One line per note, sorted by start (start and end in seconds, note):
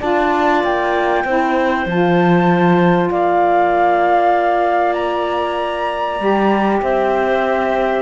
0.00 0.64 D4
0.00 1.24 F4
0.00 1.24 D5
0.00 0.62 A5
0.64 1.24 A#3
0.64 1.88 G5
1.24 1.86 C4
1.24 1.87 E4
1.24 3.11 C5
1.86 3.10 F3
1.86 6.20 F4
1.86 3.09 A5
3.09 6.20 A#3
3.09 6.81 D5
3.09 4.94 F5
4.94 6.79 A#5
6.20 6.82 G3
6.20 8.02 G4
6.81 8.02 C4
6.81 8.02 C5
6.81 8.02 E5